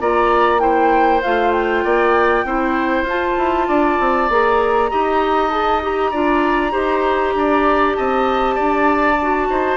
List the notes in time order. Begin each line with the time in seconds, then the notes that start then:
0.00 A#3 F4 D5 A#5
0.59 E4 C5 G5
1.22 A3 F4 F5
1.51 G5
1.84 A#3 D5
2.44 C4 E4 C5
3.03 F4 A5
3.37 E4
3.68 D4 D5
3.99 C4
4.29 A#3 G#4 A#5
4.90 D#4 G4 D#5
5.50 G#4 A5
5.81 G4 A#5
6.11 D4 F4 D5
6.71 D#4 G4 C5
7.34 D4 D5
7.95 C4 D#5 A5
8.55 D4 D5
9.21 F#4
9.49 D#4 C5